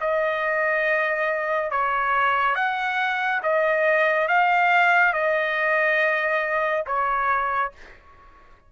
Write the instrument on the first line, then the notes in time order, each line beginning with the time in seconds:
trumpet
0.00 D#5
1.71 C#5
2.55 F#5
3.42 D#5
4.28 F5
5.13 D#5
6.86 C#5